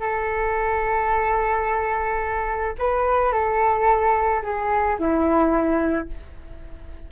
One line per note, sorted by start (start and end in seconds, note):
0.00 2.75 A4
2.79 3.32 B4
3.32 4.42 A4
4.43 4.98 G#4
4.99 6.09 E4